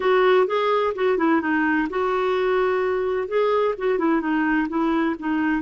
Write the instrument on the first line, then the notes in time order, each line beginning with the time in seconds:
clarinet
0.00 F#4
0.46 G#4
0.95 F#4
1.17 E4
1.41 D#4
1.89 F#4
3.27 G#4
3.78 F#4
3.98 E4
4.21 D#4
4.69 E4
5.19 D#4